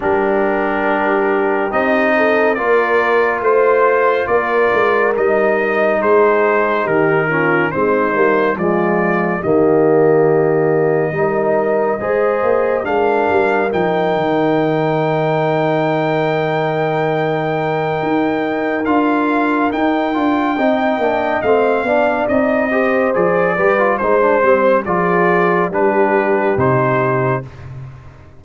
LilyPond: <<
  \new Staff \with { instrumentName = "trumpet" } { \time 4/4 \tempo 4 = 70 ais'2 dis''4 d''4 | c''4 d''4 dis''4 c''4 | ais'4 c''4 d''4 dis''4~ | dis''2. f''4 |
g''1~ | g''2 f''4 g''4~ | g''4 f''4 dis''4 d''4 | c''4 d''4 b'4 c''4 | }
  \new Staff \with { instrumentName = "horn" } { \time 4/4 g'2~ g'8 a'8 ais'4 | c''4 ais'2 gis'4 | g'8 f'8 dis'4 f'4 g'4~ | g'4 ais'4 c''4 ais'4~ |
ais'1~ | ais'1 | dis''4. d''4 c''4 b'8 | c''4 gis'4 g'2 | }
  \new Staff \with { instrumentName = "trombone" } { \time 4/4 d'2 dis'4 f'4~ | f'2 dis'2~ | dis'8 cis'8 c'8 ais8 gis4 ais4~ | ais4 dis'4 gis'4 d'4 |
dis'1~ | dis'2 f'4 dis'8 f'8 | dis'8 d'8 c'8 d'8 dis'8 g'8 gis'8 g'16 f'16 | dis'16 d'16 c'8 f'4 d'4 dis'4 | }
  \new Staff \with { instrumentName = "tuba" } { \time 4/4 g2 c'4 ais4 | a4 ais8 gis8 g4 gis4 | dis4 gis8 g8 f4 dis4~ | dis4 g4 gis8 ais8 gis8 g8 |
f8 dis2.~ dis8~ | dis4 dis'4 d'4 dis'8 d'8 | c'8 ais8 a8 b8 c'4 f8 g8 | gis8 g8 f4 g4 c4 | }
>>